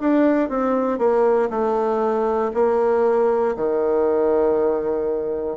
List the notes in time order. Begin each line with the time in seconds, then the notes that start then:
0.00 D4
0.49 C4
0.98 A#3
1.50 A3
2.54 A#3
3.56 D#3